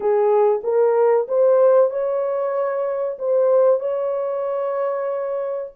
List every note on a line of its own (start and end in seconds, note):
0.00 0.61 G#4
0.63 1.27 A#4
1.28 1.90 C5
1.90 3.17 C#5
3.18 3.80 C5
3.80 5.71 C#5